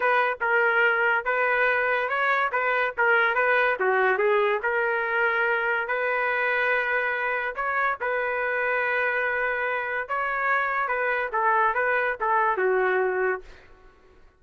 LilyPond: \new Staff \with { instrumentName = "trumpet" } { \time 4/4 \tempo 4 = 143 b'4 ais'2 b'4~ | b'4 cis''4 b'4 ais'4 | b'4 fis'4 gis'4 ais'4~ | ais'2 b'2~ |
b'2 cis''4 b'4~ | b'1 | cis''2 b'4 a'4 | b'4 a'4 fis'2 | }